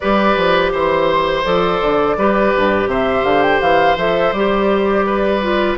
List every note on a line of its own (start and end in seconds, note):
0.00 0.36 G3
0.00 1.44 G4
0.00 0.72 B4
0.00 0.71 D5
0.36 0.72 F3
0.72 1.45 E3
0.72 2.16 C5
0.72 1.44 C5
1.44 1.81 F3
1.44 2.16 A4
1.44 2.89 D5
1.81 2.17 D3
2.17 2.53 G3
2.17 3.98 G4
2.17 2.89 B4
2.57 2.86 G2
2.86 3.23 C3
2.86 5.06 C5
2.86 3.25 E5
3.23 3.59 D3
3.23 3.42 F5
3.42 3.60 G5
3.61 3.96 E3
3.61 3.97 F5
3.96 4.32 F3
3.96 4.34 A4
3.96 4.33 E5
4.32 5.77 G3
4.32 5.42 G4
4.32 5.77 D5
5.06 5.77 B4
5.42 5.77 F4